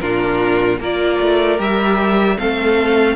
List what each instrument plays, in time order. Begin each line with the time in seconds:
0.00 cello A#2, viola D4, violin F4 A#4
0.80 cello A#3, viola F4, violin A#4 D5
1.20 cello A3
1.58 cello G3, viola G4, violin E5
2.38 cello A3, viola C4, violin A4 F5